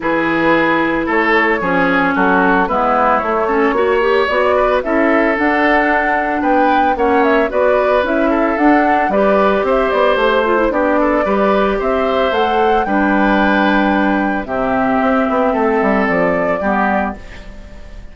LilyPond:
<<
  \new Staff \with { instrumentName = "flute" } { \time 4/4 \tempo 4 = 112 b'2 cis''2 | a'4 b'4 cis''2 | d''4 e''4 fis''2 | g''4 fis''8 e''8 d''4 e''4 |
fis''4 d''4 e''8 d''8 c''4 | d''2 e''4 fis''4 | g''2. e''4~ | e''2 d''2 | }
  \new Staff \with { instrumentName = "oboe" } { \time 4/4 gis'2 a'4 gis'4 | fis'4 e'4. a'8 cis''4~ | cis''8 b'8 a'2. | b'4 cis''4 b'4. a'8~ |
a'4 b'4 c''2 | g'8 a'8 b'4 c''2 | b'2. g'4~ | g'4 a'2 g'4 | }
  \new Staff \with { instrumentName = "clarinet" } { \time 4/4 e'2. cis'4~ | cis'4 b4 a8 cis'8 fis'8 g'8 | fis'4 e'4 d'2~ | d'4 cis'4 fis'4 e'4 |
d'4 g'2~ g'8 f'16 e'16 | d'4 g'2 a'4 | d'2. c'4~ | c'2. b4 | }
  \new Staff \with { instrumentName = "bassoon" } { \time 4/4 e2 a4 f4 | fis4 gis4 a4 ais4 | b4 cis'4 d'2 | b4 ais4 b4 cis'4 |
d'4 g4 c'8 b8 a4 | b4 g4 c'4 a4 | g2. c4 | c'8 b8 a8 g8 f4 g4 | }
>>